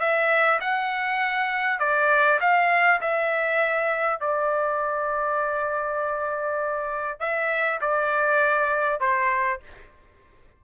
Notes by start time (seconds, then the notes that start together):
0.00 E5
0.61 F#5
1.79 D5
2.41 F5
3.01 E5
4.20 D5
7.20 E5
7.81 D5
9.00 C5